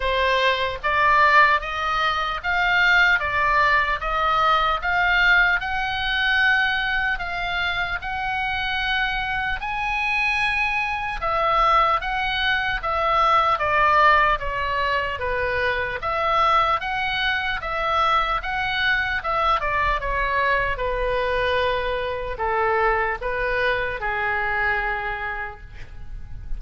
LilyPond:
\new Staff \with { instrumentName = "oboe" } { \time 4/4 \tempo 4 = 75 c''4 d''4 dis''4 f''4 | d''4 dis''4 f''4 fis''4~ | fis''4 f''4 fis''2 | gis''2 e''4 fis''4 |
e''4 d''4 cis''4 b'4 | e''4 fis''4 e''4 fis''4 | e''8 d''8 cis''4 b'2 | a'4 b'4 gis'2 | }